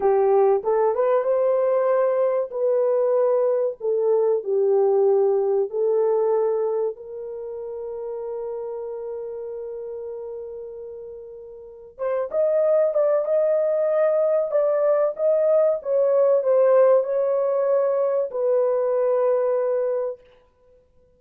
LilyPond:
\new Staff \with { instrumentName = "horn" } { \time 4/4 \tempo 4 = 95 g'4 a'8 b'8 c''2 | b'2 a'4 g'4~ | g'4 a'2 ais'4~ | ais'1~ |
ais'2. c''8 dis''8~ | dis''8 d''8 dis''2 d''4 | dis''4 cis''4 c''4 cis''4~ | cis''4 b'2. | }